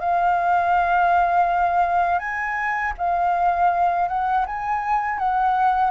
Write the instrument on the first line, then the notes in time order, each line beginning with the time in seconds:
flute
0.00 F5
2.19 G#5
2.98 F5
4.08 F#5
4.47 G#5
5.19 F#5